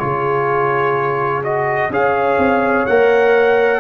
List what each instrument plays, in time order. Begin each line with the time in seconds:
0.00 tuba C#3, trombone F4, horn G#4, trumpet C#5
1.44 trombone F#4, trumpet D#5
1.90 tuba C#4, trombone G#4, horn C#5, trumpet F5
2.38 tuba C4
2.87 tuba A#3, trombone A#4, trumpet F#5